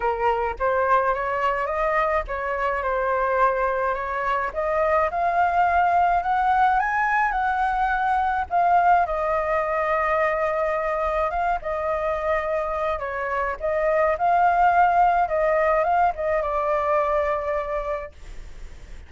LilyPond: \new Staff \with { instrumentName = "flute" } { \time 4/4 \tempo 4 = 106 ais'4 c''4 cis''4 dis''4 | cis''4 c''2 cis''4 | dis''4 f''2 fis''4 | gis''4 fis''2 f''4 |
dis''1 | f''8 dis''2~ dis''8 cis''4 | dis''4 f''2 dis''4 | f''8 dis''8 d''2. | }